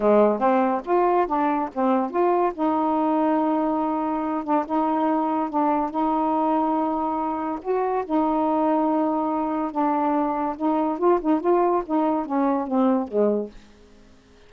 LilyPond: \new Staff \with { instrumentName = "saxophone" } { \time 4/4 \tempo 4 = 142 gis4 c'4 f'4 d'4 | c'4 f'4 dis'2~ | dis'2~ dis'8 d'8 dis'4~ | dis'4 d'4 dis'2~ |
dis'2 fis'4 dis'4~ | dis'2. d'4~ | d'4 dis'4 f'8 dis'8 f'4 | dis'4 cis'4 c'4 gis4 | }